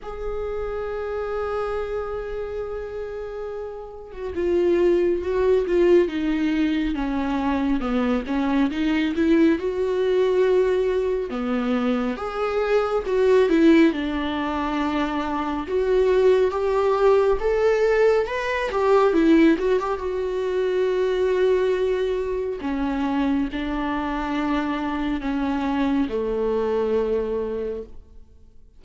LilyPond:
\new Staff \with { instrumentName = "viola" } { \time 4/4 \tempo 4 = 69 gis'1~ | gis'8. fis'16 f'4 fis'8 f'8 dis'4 | cis'4 b8 cis'8 dis'8 e'8 fis'4~ | fis'4 b4 gis'4 fis'8 e'8 |
d'2 fis'4 g'4 | a'4 b'8 g'8 e'8 fis'16 g'16 fis'4~ | fis'2 cis'4 d'4~ | d'4 cis'4 a2 | }